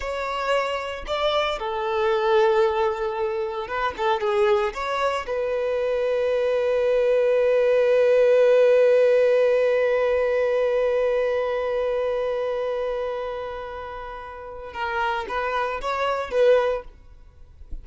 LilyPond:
\new Staff \with { instrumentName = "violin" } { \time 4/4 \tempo 4 = 114 cis''2 d''4 a'4~ | a'2. b'8 a'8 | gis'4 cis''4 b'2~ | b'1~ |
b'1~ | b'1~ | b'1 | ais'4 b'4 cis''4 b'4 | }